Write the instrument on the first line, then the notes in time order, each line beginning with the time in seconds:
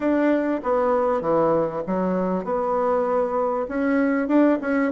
bassoon
0.00 D4
0.63 B3
1.21 E3
1.86 F#3
2.44 B3
3.68 C#4
4.27 D4
4.61 C#4